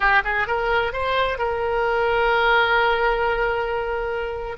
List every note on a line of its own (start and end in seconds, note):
0.00 0.22 G4
0.24 0.47 G#4
0.47 0.92 A#4
0.92 1.38 C5
1.38 4.57 A#4